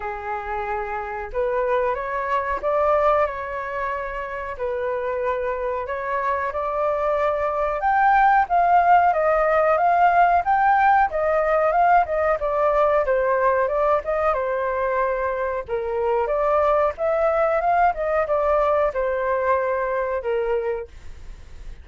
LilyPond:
\new Staff \with { instrumentName = "flute" } { \time 4/4 \tempo 4 = 92 gis'2 b'4 cis''4 | d''4 cis''2 b'4~ | b'4 cis''4 d''2 | g''4 f''4 dis''4 f''4 |
g''4 dis''4 f''8 dis''8 d''4 | c''4 d''8 dis''8 c''2 | ais'4 d''4 e''4 f''8 dis''8 | d''4 c''2 ais'4 | }